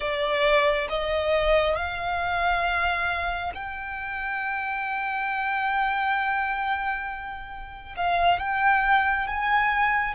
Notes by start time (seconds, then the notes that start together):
0.00 D5
0.89 D#5
1.76 F5
3.54 G5
7.96 F5
8.39 G5
9.26 G#5